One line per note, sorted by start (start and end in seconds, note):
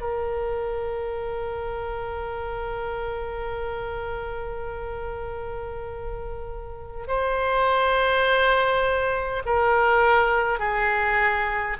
0.00 7.06 A#4
7.07 9.42 C5
9.45 10.59 A#4
10.59 11.76 G#4